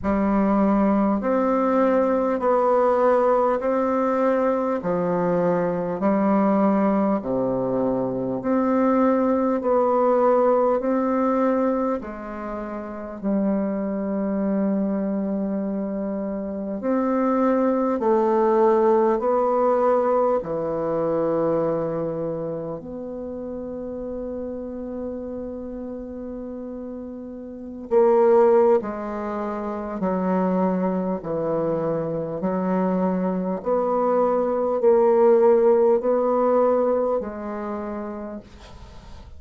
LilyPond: \new Staff \with { instrumentName = "bassoon" } { \time 4/4 \tempo 4 = 50 g4 c'4 b4 c'4 | f4 g4 c4 c'4 | b4 c'4 gis4 g4~ | g2 c'4 a4 |
b4 e2 b4~ | b2.~ b16 ais8. | gis4 fis4 e4 fis4 | b4 ais4 b4 gis4 | }